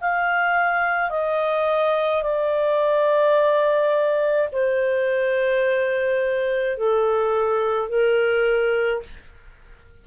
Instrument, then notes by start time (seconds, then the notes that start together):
clarinet
0.00 F5
1.10 D#5
2.22 D5
4.52 C5
6.77 A4
7.88 A#4